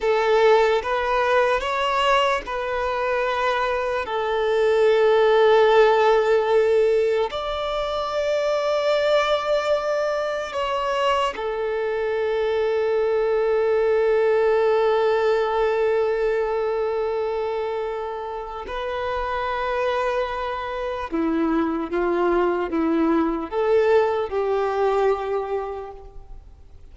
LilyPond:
\new Staff \with { instrumentName = "violin" } { \time 4/4 \tempo 4 = 74 a'4 b'4 cis''4 b'4~ | b'4 a'2.~ | a'4 d''2.~ | d''4 cis''4 a'2~ |
a'1~ | a'2. b'4~ | b'2 e'4 f'4 | e'4 a'4 g'2 | }